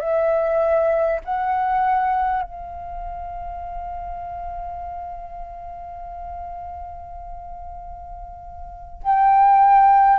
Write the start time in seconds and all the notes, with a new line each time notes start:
0.00 E5
1.25 F#5
2.43 F5
9.03 G5